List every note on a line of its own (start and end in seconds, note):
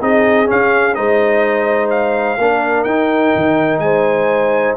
0.00 0.48 C4
0.00 0.46 D#4
0.00 0.96 G#4
0.00 0.50 D#5
0.46 0.93 C#4
0.46 0.96 C#4
0.46 0.94 F5
0.94 2.37 G#3
0.94 2.37 D#4
0.94 2.39 C5
0.94 1.89 D#5
1.90 2.83 F5
2.37 2.84 A#3
2.37 2.87 D4
2.37 3.83 A#4
2.83 3.32 D#4
2.83 4.77 D#4
2.83 3.79 G5
3.35 3.78 D#3
3.78 4.73 G#3
3.78 4.77 C5
3.78 4.74 G#5